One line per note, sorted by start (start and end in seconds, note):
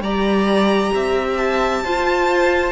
0.00 0.91 G3
0.00 1.84 G4
0.00 0.93 D5
0.00 1.37 A#5
0.94 1.84 C4
0.94 1.83 E5
1.37 2.71 A5
1.83 2.71 F4
1.83 2.71 C5